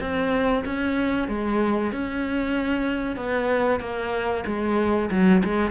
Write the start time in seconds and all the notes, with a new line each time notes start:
0.00 C4
0.65 C#4
1.28 G#3
1.91 C#4
3.16 B3
3.79 A#3
4.46 G#3
5.10 F#3
5.43 G#3